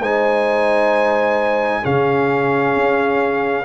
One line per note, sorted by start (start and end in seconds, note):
0.00 1.82 G#3
0.00 1.82 D#4
0.00 1.80 C5
0.00 1.84 G#5
1.80 2.76 C#3
1.80 3.64 C#4
1.80 3.62 G#4
1.80 3.65 F5
2.76 3.65 C#4